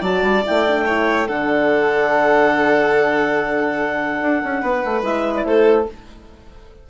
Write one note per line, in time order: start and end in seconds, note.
0.00 0.22 F#3
0.00 0.44 F#4
0.00 0.83 D5
0.00 0.44 A5
0.22 0.43 G3
0.46 1.29 A3
0.46 0.67 E4
0.46 1.28 G5
0.68 0.86 D4
0.86 1.28 E4
0.86 1.27 C#5
1.27 4.21 D3
1.27 5.02 D4
1.27 4.61 A4
1.27 5.03 F#5
4.21 4.42 D4
4.44 4.62 C#4
4.62 4.83 B3
4.62 5.45 B4
4.85 5.02 A3
5.02 5.44 G#3
5.02 5.86 E4
5.02 5.35 E5
5.35 5.45 D5
5.44 5.86 A3
5.44 5.89 A4
5.44 5.86 C5